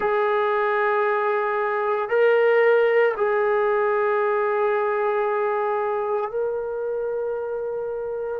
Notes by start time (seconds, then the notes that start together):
0.00 G#4
2.09 A#4
3.16 G#4
6.31 A#4